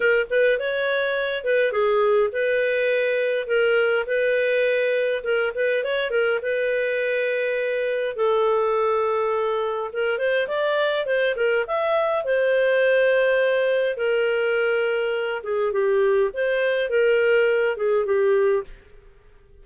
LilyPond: \new Staff \with { instrumentName = "clarinet" } { \time 4/4 \tempo 4 = 103 ais'8 b'8 cis''4. b'8 gis'4 | b'2 ais'4 b'4~ | b'4 ais'8 b'8 cis''8 ais'8 b'4~ | b'2 a'2~ |
a'4 ais'8 c''8 d''4 c''8 ais'8 | e''4 c''2. | ais'2~ ais'8 gis'8 g'4 | c''4 ais'4. gis'8 g'4 | }